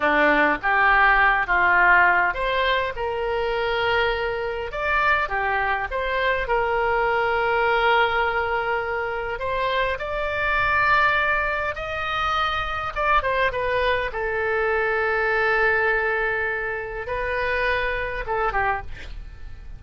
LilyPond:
\new Staff \with { instrumentName = "oboe" } { \time 4/4 \tempo 4 = 102 d'4 g'4. f'4. | c''4 ais'2. | d''4 g'4 c''4 ais'4~ | ais'1 |
c''4 d''2. | dis''2 d''8 c''8 b'4 | a'1~ | a'4 b'2 a'8 g'8 | }